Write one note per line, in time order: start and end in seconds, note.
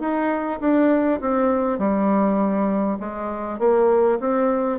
0.00 0.60 D#4
0.60 1.20 D4
1.21 1.78 C4
1.78 2.98 G3
2.99 3.59 G#3
3.59 4.19 A#3
4.20 4.79 C4